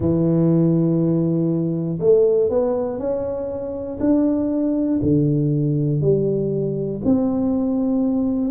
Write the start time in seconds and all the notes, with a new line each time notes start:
0.00 E3
2.00 A3
2.50 B3
2.99 C#4
4.00 D4
5.02 D3
6.00 G3
7.05 C4